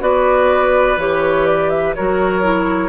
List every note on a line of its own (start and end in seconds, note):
0.00 0.97 B3
0.00 0.97 F#4
0.00 1.96 B4
0.00 0.99 D5
0.97 1.94 E3
0.97 1.96 G4
0.97 1.47 C#5
1.47 1.70 D5
1.70 1.94 E5
1.95 2.89 F#3
1.95 2.42 F#4
1.95 2.89 A#4
1.95 2.89 C#5
2.42 2.89 E4